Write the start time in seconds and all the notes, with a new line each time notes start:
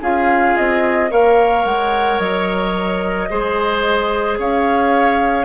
0.00 C#4 F4 G#4 F5
0.57 C4 D#5
1.10 A#3 A#4 C#5 F5
1.64 G#3 F#5
2.19 F#3 D#5
3.29 G#3 G#4 C5
4.38 C#4 C#5 F5